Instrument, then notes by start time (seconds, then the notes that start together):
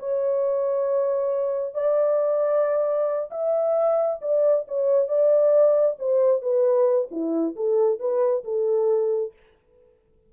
horn
0.00 C#5
1.75 D5
3.31 E5
4.22 D5
4.68 C#5
5.09 D5
6.00 C5
6.42 B4
7.12 E4
7.56 A4
8.00 B4
8.45 A4